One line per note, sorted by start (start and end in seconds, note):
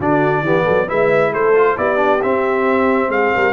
0.00 0.42 D3
0.00 0.46 D4
0.00 0.44 F#4
0.00 0.90 D5
0.42 0.64 E3
0.42 0.88 B3
0.42 0.65 G4
0.65 0.91 F#3
0.65 0.87 A4
0.88 1.34 G#3
0.88 1.54 E4
0.88 1.32 B4
0.88 1.34 E5
1.32 1.78 A3
1.32 1.77 A4
1.32 1.78 C5
1.55 1.78 F4
1.78 2.23 B3
1.78 1.97 E4
1.78 3.12 G4
1.78 2.22 D5
1.97 2.19 D4
2.23 3.54 C4
2.23 3.09 C4
2.23 3.11 E5
3.09 3.31 G#3
3.09 3.35 G#4
3.09 3.54 F5
3.35 3.54 G3
3.35 3.54 A#4